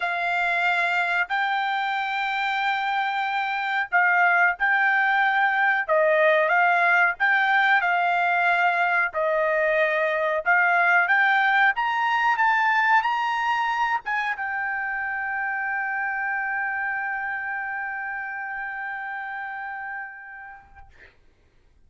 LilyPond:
\new Staff \with { instrumentName = "trumpet" } { \time 4/4 \tempo 4 = 92 f''2 g''2~ | g''2 f''4 g''4~ | g''4 dis''4 f''4 g''4 | f''2 dis''2 |
f''4 g''4 ais''4 a''4 | ais''4. gis''8 g''2~ | g''1~ | g''1 | }